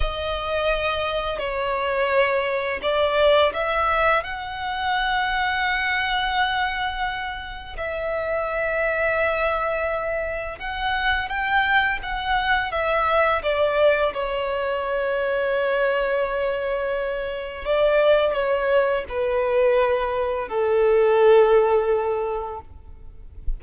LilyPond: \new Staff \with { instrumentName = "violin" } { \time 4/4 \tempo 4 = 85 dis''2 cis''2 | d''4 e''4 fis''2~ | fis''2. e''4~ | e''2. fis''4 |
g''4 fis''4 e''4 d''4 | cis''1~ | cis''4 d''4 cis''4 b'4~ | b'4 a'2. | }